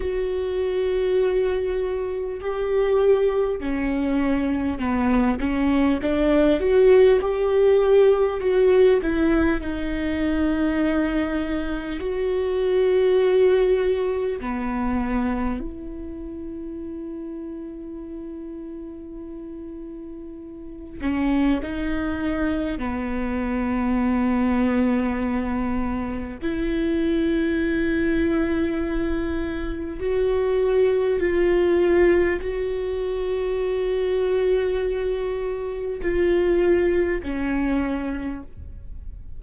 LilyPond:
\new Staff \with { instrumentName = "viola" } { \time 4/4 \tempo 4 = 50 fis'2 g'4 cis'4 | b8 cis'8 d'8 fis'8 g'4 fis'8 e'8 | dis'2 fis'2 | b4 e'2.~ |
e'4. cis'8 dis'4 b4~ | b2 e'2~ | e'4 fis'4 f'4 fis'4~ | fis'2 f'4 cis'4 | }